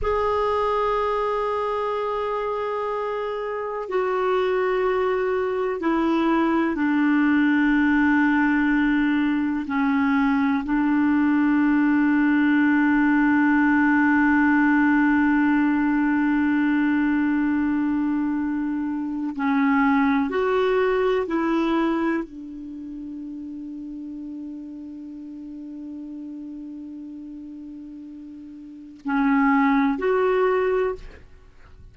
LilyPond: \new Staff \with { instrumentName = "clarinet" } { \time 4/4 \tempo 4 = 62 gis'1 | fis'2 e'4 d'4~ | d'2 cis'4 d'4~ | d'1~ |
d'1 | cis'4 fis'4 e'4 d'4~ | d'1~ | d'2 cis'4 fis'4 | }